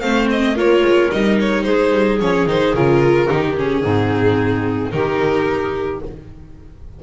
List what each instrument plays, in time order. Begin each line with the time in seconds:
0.00 double bass A3, viola C4, clarinet C5, violin F5
0.30 violin D#5
0.55 double bass A#3, viola F4, clarinet A#4, violin C#5
0.82 double bass G#3
1.11 double bass G3, viola D#4, violin D#5
1.40 violin C#5
1.63 double bass G#3, clarinet G#4, violin C5
1.93 double bass G3
2.20 double bass F3, viola C#4, violin C#5
2.46 double bass D#3, viola D#4, violin C5
2.74 double bass C#3, viola F4, violin A#4
3.27 double bass D#3, viola D#4, clarinet G4
3.56 viola C#4, violin G#4
3.81 double bass G#2, viola C4, clarinet D#4
4.90 double bass D#3, viola D#4, clarinet G4, violin A#4